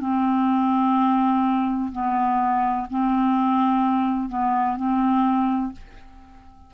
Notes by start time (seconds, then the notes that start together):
0.00 C4
1.92 B3
2.90 C4
4.29 B3
4.77 C4